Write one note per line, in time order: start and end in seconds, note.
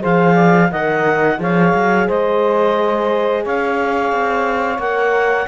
0.00 0.71 F3
0.00 0.68 G#4
0.00 0.34 C5
0.00 0.72 F5
0.34 0.68 D5
0.71 1.38 D#3
0.71 1.37 A#4
0.71 1.39 D#5
0.71 1.40 F#5
1.37 1.73 F3
1.37 4.78 G#4
1.37 2.07 C#5
1.37 2.08 F5
1.74 2.08 F#3
2.07 3.45 G#3
2.07 3.43 C5
2.07 3.45 D#5
3.43 4.12 C#4
3.43 5.47 C#5
3.43 4.80 F5
4.12 4.78 C4
4.78 5.46 A#3
4.78 5.47 A#4
4.78 5.47 F#5